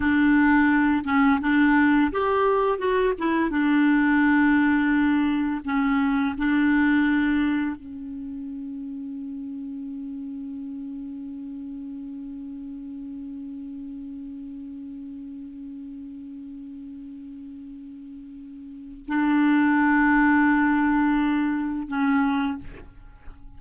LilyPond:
\new Staff \with { instrumentName = "clarinet" } { \time 4/4 \tempo 4 = 85 d'4. cis'8 d'4 g'4 | fis'8 e'8 d'2. | cis'4 d'2 cis'4~ | cis'1~ |
cis'1~ | cis'1~ | cis'2. d'4~ | d'2. cis'4 | }